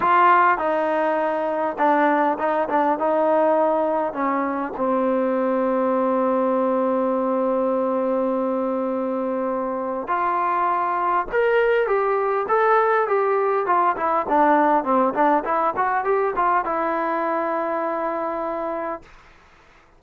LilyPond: \new Staff \with { instrumentName = "trombone" } { \time 4/4 \tempo 4 = 101 f'4 dis'2 d'4 | dis'8 d'8 dis'2 cis'4 | c'1~ | c'1~ |
c'4 f'2 ais'4 | g'4 a'4 g'4 f'8 e'8 | d'4 c'8 d'8 e'8 fis'8 g'8 f'8 | e'1 | }